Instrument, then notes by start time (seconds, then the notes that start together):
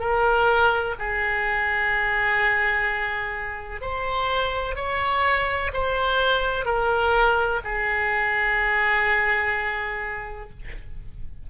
oboe
0.00 A#4
0.99 G#4
3.82 C5
4.76 C#5
5.74 C5
6.65 A#4
7.65 G#4